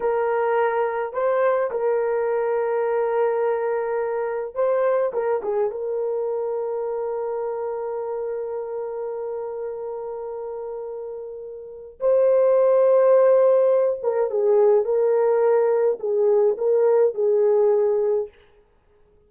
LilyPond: \new Staff \with { instrumentName = "horn" } { \time 4/4 \tempo 4 = 105 ais'2 c''4 ais'4~ | ais'1 | c''4 ais'8 gis'8 ais'2~ | ais'1~ |
ais'1~ | ais'4 c''2.~ | c''8 ais'8 gis'4 ais'2 | gis'4 ais'4 gis'2 | }